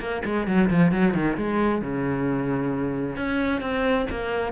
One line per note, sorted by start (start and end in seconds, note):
0.00 0.23 A#3
0.25 0.47 G#3
0.47 0.70 F#3
0.70 0.92 F3
0.92 1.14 F#3
1.14 1.37 D#3
1.37 1.82 G#3
1.82 3.16 C#3
3.16 3.61 C#4
3.61 4.06 C4
4.10 4.52 A#3